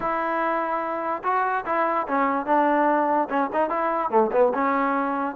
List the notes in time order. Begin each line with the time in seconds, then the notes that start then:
0.00 E4
1.23 F#4
1.65 E4
2.07 C#4
2.46 D4
3.29 C#4
3.52 D#4
3.69 E4
4.10 A3
4.32 B3
4.53 C#4